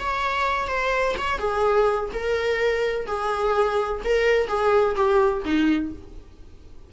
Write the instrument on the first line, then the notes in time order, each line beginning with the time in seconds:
viola
0.00 C#5
0.68 C5
1.19 C#5
1.39 G#4
2.13 A#4
3.07 G#4
4.05 A#4
4.48 G#4
4.96 G4
5.45 D#4